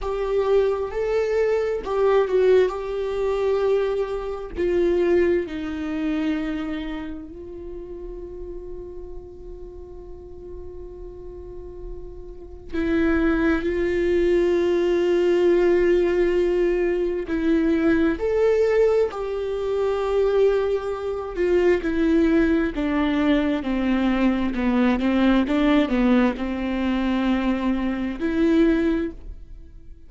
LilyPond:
\new Staff \with { instrumentName = "viola" } { \time 4/4 \tempo 4 = 66 g'4 a'4 g'8 fis'8 g'4~ | g'4 f'4 dis'2 | f'1~ | f'2 e'4 f'4~ |
f'2. e'4 | a'4 g'2~ g'8 f'8 | e'4 d'4 c'4 b8 c'8 | d'8 b8 c'2 e'4 | }